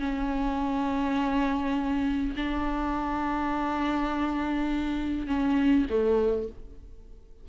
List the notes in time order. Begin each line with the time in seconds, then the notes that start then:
0.00 C#4
2.36 D4
5.27 C#4
5.90 A3